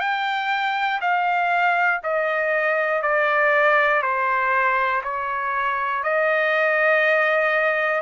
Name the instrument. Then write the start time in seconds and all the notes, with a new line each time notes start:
trumpet
0.00 G5
1.01 F5
2.04 D#5
3.02 D5
4.02 C5
5.04 C#5
6.03 D#5